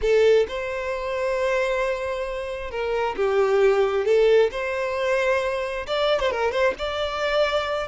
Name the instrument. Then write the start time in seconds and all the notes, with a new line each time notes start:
violin
0.01 A4
0.47 C5
2.70 A#4
3.16 G4
4.05 A4
4.51 C5
5.86 D5
6.20 C5
6.31 A#4
6.51 C5
6.78 D5